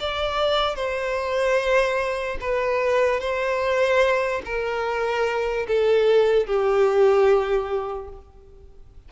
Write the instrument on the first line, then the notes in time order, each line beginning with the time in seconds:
violin
0.00 D5
0.76 C5
2.41 B4
3.20 C5
4.45 A#4
5.68 A4
6.47 G4